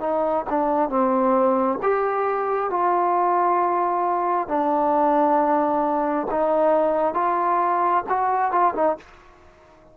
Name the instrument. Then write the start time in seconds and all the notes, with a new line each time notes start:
trombone
0.00 D#4
0.50 D4
0.89 C4
1.82 G4
2.70 F4
4.48 D4
6.31 D#4
7.14 F4
8.09 F#4
8.52 F4
8.74 D#4